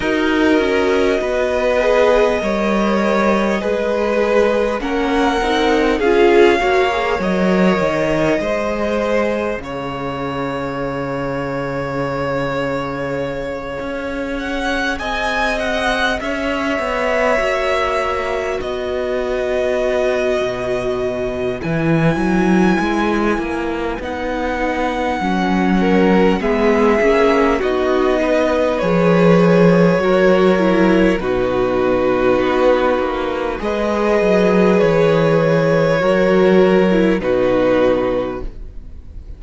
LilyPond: <<
  \new Staff \with { instrumentName = "violin" } { \time 4/4 \tempo 4 = 50 dis''1 | fis''4 f''4 dis''2 | f''1 | fis''8 gis''8 fis''8 e''2 dis''8~ |
dis''2 gis''2 | fis''2 e''4 dis''4 | cis''2 b'2 | dis''4 cis''2 b'4 | }
  \new Staff \with { instrumentName = "violin" } { \time 4/4 ais'4 b'4 cis''4 b'4 | ais'4 gis'8 cis''4. c''4 | cis''1~ | cis''8 dis''4 cis''2 b'8~ |
b'1~ | b'4. ais'8 gis'4 fis'8 b'8~ | b'4 ais'4 fis'2 | b'2 ais'4 fis'4 | }
  \new Staff \with { instrumentName = "viola" } { \time 4/4 fis'4. gis'8 ais'4 gis'4 | cis'8 dis'8 f'8 fis'16 gis'16 ais'4 gis'4~ | gis'1~ | gis'2~ gis'8 fis'4.~ |
fis'2 e'2 | dis'4 cis'4 b8 cis'8 dis'4 | gis'4 fis'8 e'8 dis'2 | gis'2 fis'8. e'16 dis'4 | }
  \new Staff \with { instrumentName = "cello" } { \time 4/4 dis'8 cis'8 b4 g4 gis4 | ais8 c'8 cis'8 ais8 fis8 dis8 gis4 | cis2.~ cis8 cis'8~ | cis'8 c'4 cis'8 b8 ais4 b8~ |
b4 b,4 e8 fis8 gis8 ais8 | b4 fis4 gis8 ais8 b4 | f4 fis4 b,4 b8 ais8 | gis8 fis8 e4 fis4 b,4 | }
>>